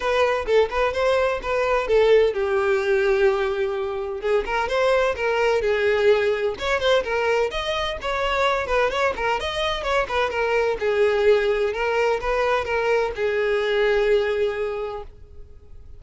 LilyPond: \new Staff \with { instrumentName = "violin" } { \time 4/4 \tempo 4 = 128 b'4 a'8 b'8 c''4 b'4 | a'4 g'2.~ | g'4 gis'8 ais'8 c''4 ais'4 | gis'2 cis''8 c''8 ais'4 |
dis''4 cis''4. b'8 cis''8 ais'8 | dis''4 cis''8 b'8 ais'4 gis'4~ | gis'4 ais'4 b'4 ais'4 | gis'1 | }